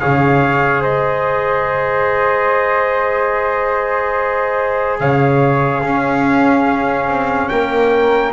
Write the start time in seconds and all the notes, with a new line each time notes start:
0.00 C#3 G#4 C#5 F5
0.82 G#3 C5 D#5
5.00 C#3 C#5 F5
5.81 C#4 G#4
7.08 C4
7.49 A#3 A#4 G5